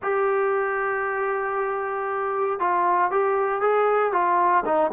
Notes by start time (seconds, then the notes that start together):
0.02 G4
2.59 F4
3.11 G4
3.61 G#4
4.12 F4
4.65 D#4